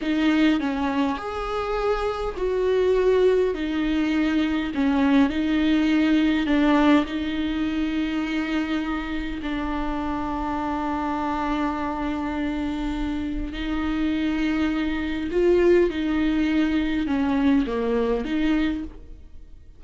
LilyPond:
\new Staff \with { instrumentName = "viola" } { \time 4/4 \tempo 4 = 102 dis'4 cis'4 gis'2 | fis'2 dis'2 | cis'4 dis'2 d'4 | dis'1 |
d'1~ | d'2. dis'4~ | dis'2 f'4 dis'4~ | dis'4 cis'4 ais4 dis'4 | }